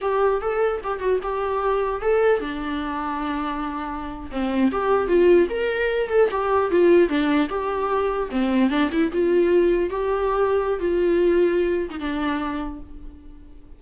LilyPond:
\new Staff \with { instrumentName = "viola" } { \time 4/4 \tempo 4 = 150 g'4 a'4 g'8 fis'8 g'4~ | g'4 a'4 d'2~ | d'2~ d'8. c'4 g'16~ | g'8. f'4 ais'4. a'8 g'16~ |
g'8. f'4 d'4 g'4~ g'16~ | g'8. c'4 d'8 e'8 f'4~ f'16~ | f'8. g'2~ g'16 f'4~ | f'4.~ f'16 dis'16 d'2 | }